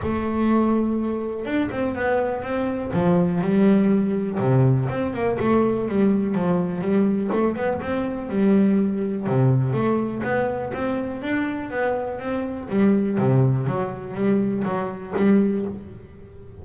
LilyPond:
\new Staff \with { instrumentName = "double bass" } { \time 4/4 \tempo 4 = 123 a2. d'8 c'8 | b4 c'4 f4 g4~ | g4 c4 c'8 ais8 a4 | g4 f4 g4 a8 b8 |
c'4 g2 c4 | a4 b4 c'4 d'4 | b4 c'4 g4 c4 | fis4 g4 fis4 g4 | }